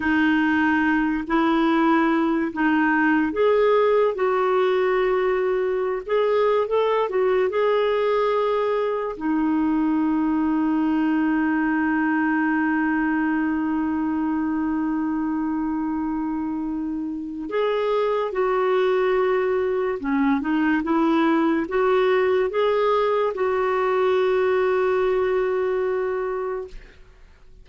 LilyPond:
\new Staff \with { instrumentName = "clarinet" } { \time 4/4 \tempo 4 = 72 dis'4. e'4. dis'4 | gis'4 fis'2~ fis'16 gis'8. | a'8 fis'8 gis'2 dis'4~ | dis'1~ |
dis'1~ | dis'4 gis'4 fis'2 | cis'8 dis'8 e'4 fis'4 gis'4 | fis'1 | }